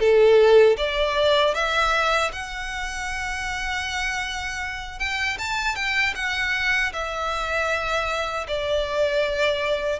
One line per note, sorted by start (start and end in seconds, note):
0.00 0.77 A4
0.78 1.55 D5
1.55 2.31 E5
2.33 5.00 F#5
5.00 5.38 G5
5.39 5.76 A5
5.76 6.14 G5
6.16 6.93 F#5
6.93 8.47 E5
8.48 10.00 D5